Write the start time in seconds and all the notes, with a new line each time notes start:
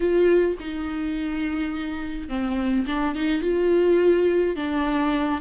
0.00 F4
0.59 D#4
2.28 C4
2.86 D4
3.15 D#4
3.41 F4
4.56 D4